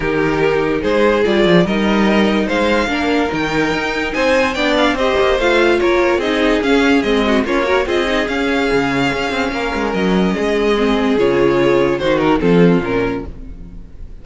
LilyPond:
<<
  \new Staff \with { instrumentName = "violin" } { \time 4/4 \tempo 4 = 145 ais'2 c''4 d''4 | dis''2 f''2 | g''2 gis''4 g''8 f''8 | dis''4 f''4 cis''4 dis''4 |
f''4 dis''4 cis''4 dis''4 | f''1 | dis''2. cis''4~ | cis''4 c''8 ais'8 a'4 ais'4 | }
  \new Staff \with { instrumentName = "violin" } { \time 4/4 g'2 gis'2 | ais'2 c''4 ais'4~ | ais'2 c''4 d''4 | c''2 ais'4 gis'4~ |
gis'4. fis'8 f'8 ais'8 gis'4~ | gis'2. ais'4~ | ais'4 gis'2.~ | gis'4 fis'4 f'2 | }
  \new Staff \with { instrumentName = "viola" } { \time 4/4 dis'2. f'4 | dis'2. d'4 | dis'2. d'4 | g'4 f'2 dis'4 |
cis'4 c'4 cis'8 fis'8 f'8 dis'8 | cis'1~ | cis'2 c'4 f'4~ | f'4 dis'4 c'4 cis'4 | }
  \new Staff \with { instrumentName = "cello" } { \time 4/4 dis2 gis4 g8 f8 | g2 gis4 ais4 | dis4 dis'4 c'4 b4 | c'8 ais8 a4 ais4 c'4 |
cis'4 gis4 ais4 c'4 | cis'4 cis4 cis'8 c'8 ais8 gis8 | fis4 gis2 cis4~ | cis4 dis4 f4 ais,4 | }
>>